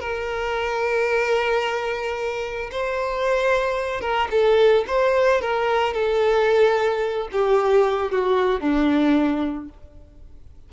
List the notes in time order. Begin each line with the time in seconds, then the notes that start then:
0.00 A#4
2.71 C5
4.01 A#4
4.31 A4
4.87 C5
5.41 A#4
5.94 A4
7.32 G4
8.12 F#4
8.61 D4